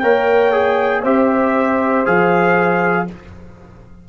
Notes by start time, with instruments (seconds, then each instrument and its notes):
0.00 tuba A#3, trombone A#4, horn C#5, trumpet G5
0.53 trombone G#4
1.02 tuba C4, trombone G4, horn C5, trumpet E5
2.06 tuba F3, trombone G#4, trumpet F5